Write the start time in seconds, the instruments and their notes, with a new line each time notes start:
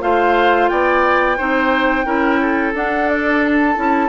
0.00 bassoon A3, clarinet F4, oboe C5, flute F5
0.68 bassoon B3, oboe D5, flute G5
1.37 bassoon C4, clarinet D#4, oboe C5
2.04 bassoon C#4, clarinet E4, oboe A#4
2.41 oboe A4
2.73 bassoon D4, clarinet D4, flute F#5
3.08 flute D5
3.45 flute A5
3.75 bassoon C#4, clarinet E4